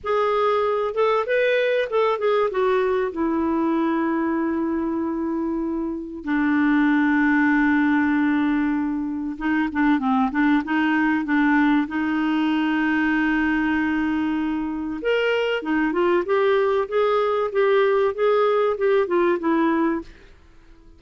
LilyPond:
\new Staff \with { instrumentName = "clarinet" } { \time 4/4 \tempo 4 = 96 gis'4. a'8 b'4 a'8 gis'8 | fis'4 e'2.~ | e'2 d'2~ | d'2. dis'8 d'8 |
c'8 d'8 dis'4 d'4 dis'4~ | dis'1 | ais'4 dis'8 f'8 g'4 gis'4 | g'4 gis'4 g'8 f'8 e'4 | }